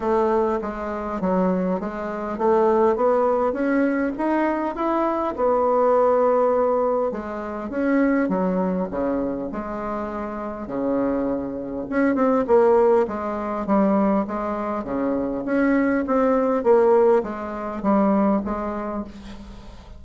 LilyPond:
\new Staff \with { instrumentName = "bassoon" } { \time 4/4 \tempo 4 = 101 a4 gis4 fis4 gis4 | a4 b4 cis'4 dis'4 | e'4 b2. | gis4 cis'4 fis4 cis4 |
gis2 cis2 | cis'8 c'8 ais4 gis4 g4 | gis4 cis4 cis'4 c'4 | ais4 gis4 g4 gis4 | }